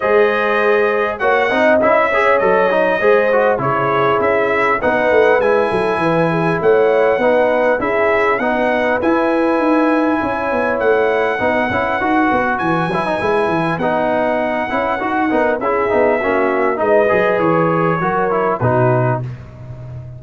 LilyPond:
<<
  \new Staff \with { instrumentName = "trumpet" } { \time 4/4 \tempo 4 = 100 dis''2 fis''4 e''4 | dis''2 cis''4 e''4 | fis''4 gis''2 fis''4~ | fis''4 e''4 fis''4 gis''4~ |
gis''2 fis''2~ | fis''4 gis''2 fis''4~ | fis''2 e''2 | dis''4 cis''2 b'4 | }
  \new Staff \with { instrumentName = "horn" } { \time 4/4 c''2 cis''8 dis''4 cis''8~ | cis''4 c''4 gis'2 | b'4. a'8 b'8 gis'8 cis''4 | b'4 gis'4 b'2~ |
b'4 cis''2 b'4~ | b'1~ | b'4. ais'8 gis'4 fis'4 | b'2 ais'4 fis'4 | }
  \new Staff \with { instrumentName = "trombone" } { \time 4/4 gis'2 fis'8 dis'8 e'8 gis'8 | a'8 dis'8 gis'8 fis'8 e'2 | dis'4 e'2. | dis'4 e'4 dis'4 e'4~ |
e'2. dis'8 e'8 | fis'4. e'16 dis'16 e'4 dis'4~ | dis'8 e'8 fis'8 dis'8 e'8 dis'8 cis'4 | dis'8 gis'4. fis'8 e'8 dis'4 | }
  \new Staff \with { instrumentName = "tuba" } { \time 4/4 gis2 ais8 c'8 cis'4 | fis4 gis4 cis4 cis'4 | b8 a8 gis8 fis8 e4 a4 | b4 cis'4 b4 e'4 |
dis'4 cis'8 b8 a4 b8 cis'8 | dis'8 b8 e8 fis8 gis8 e8 b4~ | b8 cis'8 dis'8 b8 cis'8 b8 ais4 | gis8 fis8 e4 fis4 b,4 | }
>>